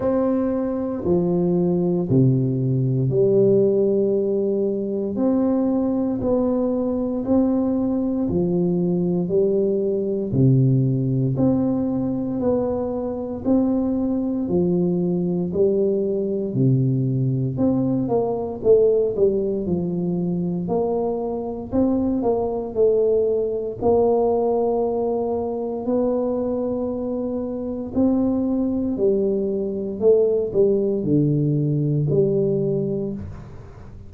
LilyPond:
\new Staff \with { instrumentName = "tuba" } { \time 4/4 \tempo 4 = 58 c'4 f4 c4 g4~ | g4 c'4 b4 c'4 | f4 g4 c4 c'4 | b4 c'4 f4 g4 |
c4 c'8 ais8 a8 g8 f4 | ais4 c'8 ais8 a4 ais4~ | ais4 b2 c'4 | g4 a8 g8 d4 g4 | }